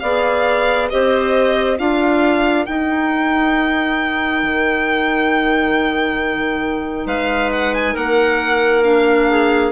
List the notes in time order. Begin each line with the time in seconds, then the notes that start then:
0.00 B3 G#4 D5 F5
0.90 C4 G4 C5 D#5
1.77 D4 F4 A#4 F5
2.66 D#4 G5
4.43 D#3
7.06 G#3 B4 F5
7.53 F#5
7.75 G#5
7.94 A#3 A#4 F#5
8.84 D4 F5
9.30 G#4